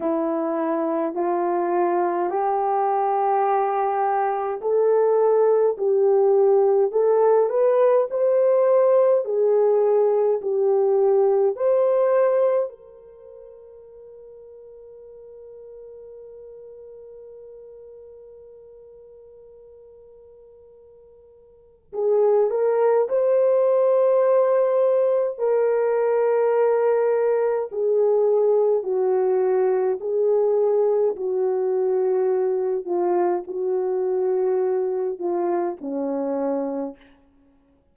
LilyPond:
\new Staff \with { instrumentName = "horn" } { \time 4/4 \tempo 4 = 52 e'4 f'4 g'2 | a'4 g'4 a'8 b'8 c''4 | gis'4 g'4 c''4 ais'4~ | ais'1~ |
ais'2. gis'8 ais'8 | c''2 ais'2 | gis'4 fis'4 gis'4 fis'4~ | fis'8 f'8 fis'4. f'8 cis'4 | }